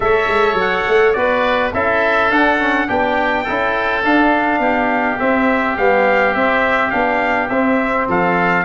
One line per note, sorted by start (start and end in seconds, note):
0.00 0.27 A3
0.00 1.14 A4
0.00 1.17 C#5
0.00 0.57 E5
0.27 0.53 G#3
0.53 0.82 F#3
0.60 1.12 F#5
0.87 1.15 A3
1.12 1.73 B3
1.12 1.72 F#4
1.12 1.73 B4
1.12 1.70 D5
1.73 2.30 C#4
1.73 2.30 E4
1.73 2.87 A4
1.73 2.31 E5
2.30 2.59 D4
2.30 2.88 D4
2.30 2.88 F#5
2.59 2.87 C#4
2.87 3.47 B3
2.87 3.45 D4
2.87 3.43 G4
2.87 4.04 G5
3.43 4.03 C#4
3.43 4.03 E4
3.43 4.59 A4
4.03 5.18 D4
4.03 4.59 D4
4.03 5.19 F5
4.59 5.16 B3
4.59 8.07 G4
5.19 5.77 C4
5.19 5.76 E5
5.77 6.34 G3
5.77 6.35 B3
5.77 6.34 F5
6.34 6.92 C4
6.34 6.90 C4
6.34 6.91 E5
6.90 7.49 B3
6.90 7.48 D4
6.90 7.48 F5
7.49 8.07 C4
7.49 8.64 C4
7.49 8.07 E5
8.08 8.64 F3
8.08 8.64 A4
8.08 8.64 F5